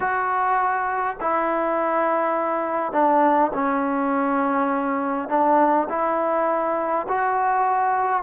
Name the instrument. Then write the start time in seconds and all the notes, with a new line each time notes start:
trombone
0.00 F#4
1.20 E4
2.92 D4
3.53 C#4
5.28 D4
5.89 E4
7.08 F#4